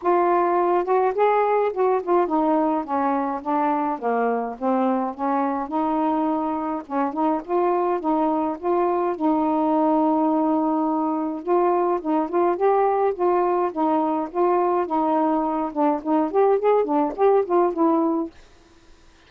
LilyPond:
\new Staff \with { instrumentName = "saxophone" } { \time 4/4 \tempo 4 = 105 f'4. fis'8 gis'4 fis'8 f'8 | dis'4 cis'4 d'4 ais4 | c'4 cis'4 dis'2 | cis'8 dis'8 f'4 dis'4 f'4 |
dis'1 | f'4 dis'8 f'8 g'4 f'4 | dis'4 f'4 dis'4. d'8 | dis'8 g'8 gis'8 d'8 g'8 f'8 e'4 | }